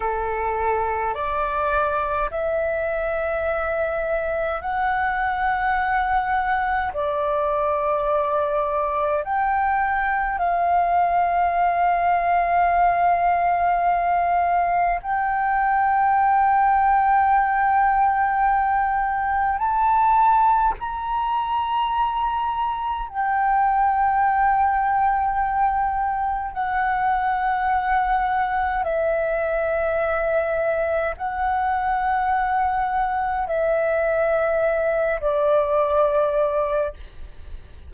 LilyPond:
\new Staff \with { instrumentName = "flute" } { \time 4/4 \tempo 4 = 52 a'4 d''4 e''2 | fis''2 d''2 | g''4 f''2.~ | f''4 g''2.~ |
g''4 a''4 ais''2 | g''2. fis''4~ | fis''4 e''2 fis''4~ | fis''4 e''4. d''4. | }